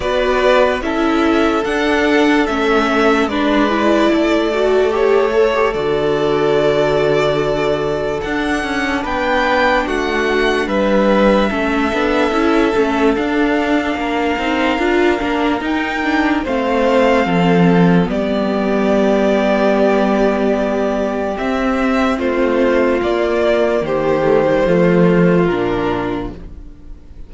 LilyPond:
<<
  \new Staff \with { instrumentName = "violin" } { \time 4/4 \tempo 4 = 73 d''4 e''4 fis''4 e''4 | d''2 cis''4 d''4~ | d''2 fis''4 g''4 | fis''4 e''2. |
f''2. g''4 | f''2 d''2~ | d''2 e''4 c''4 | d''4 c''2 ais'4 | }
  \new Staff \with { instrumentName = "violin" } { \time 4/4 b'4 a'2. | b'4 a'2.~ | a'2. b'4 | fis'4 b'4 a'2~ |
a'4 ais'2. | c''4 a'4 g'2~ | g'2. f'4~ | f'4 g'4 f'2 | }
  \new Staff \with { instrumentName = "viola" } { \time 4/4 fis'4 e'4 d'4 cis'4 | d'8 e'4 fis'8 g'8 a'16 g'16 fis'4~ | fis'2 d'2~ | d'2 cis'8 d'8 e'8 cis'8 |
d'4. dis'8 f'8 d'8 dis'8 d'8 | c'2 b2~ | b2 c'2 | ais4. a16 g16 a4 d'4 | }
  \new Staff \with { instrumentName = "cello" } { \time 4/4 b4 cis'4 d'4 a4 | gis4 a2 d4~ | d2 d'8 cis'8 b4 | a4 g4 a8 b8 cis'8 a8 |
d'4 ais8 c'8 d'8 ais8 dis'4 | a4 f4 g2~ | g2 c'4 a4 | ais4 dis4 f4 ais,4 | }
>>